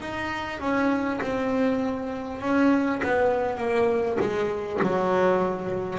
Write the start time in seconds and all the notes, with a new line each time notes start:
0.00 D#4
0.59 C#4
1.21 C4
2.41 C#4
3.03 B3
3.57 A#3
4.19 G#3
4.82 F#3